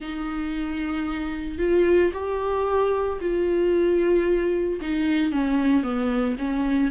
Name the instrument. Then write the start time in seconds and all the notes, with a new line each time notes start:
viola
0.00 D#4
1.58 F4
2.13 G4
3.21 F4
4.81 D#4
5.32 C#4
5.83 B3
6.38 C#4